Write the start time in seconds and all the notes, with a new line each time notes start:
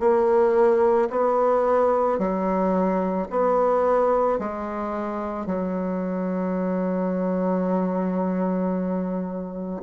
0.00 A#3
1.11 B3
2.19 F#3
3.31 B3
4.39 G#3
5.46 F#3